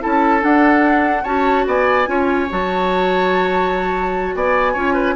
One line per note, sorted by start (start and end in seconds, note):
0.00 0.43 C#4
0.00 0.40 E4
0.00 1.23 A4
0.00 0.43 A5
0.40 1.22 D4
0.40 1.24 D4
0.40 1.24 F#5
1.23 1.65 C#4
1.23 2.06 F#4
1.23 1.64 C#5
1.23 1.65 A5
1.66 2.07 B3
1.66 2.08 D5
1.66 2.51 G#5
2.06 2.48 C#4
2.06 2.47 F4
2.06 4.35 C#5
2.49 4.34 F#3
2.49 4.75 F#4
2.49 4.35 A5
4.34 4.75 B3
4.34 4.73 D5
4.34 5.16 G#5
4.73 5.16 C#4
4.73 5.16 F4
4.73 4.93 C#5
4.93 5.14 B4